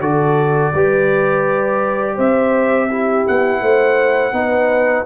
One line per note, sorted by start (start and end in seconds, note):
0.00 0.72 D3
0.00 0.74 F#4
0.00 0.73 A4
0.00 2.18 D5
0.74 2.18 G3
0.74 2.90 G4
0.74 2.15 B4
2.15 3.27 C4
2.15 2.87 C5
2.15 3.27 E5
2.89 4.33 E4
2.89 3.61 G4
3.27 3.62 B3
3.27 5.06 F#5
3.61 4.33 A3
3.61 4.34 C5
4.33 5.05 B3
4.33 5.06 D#4
4.33 5.06 B4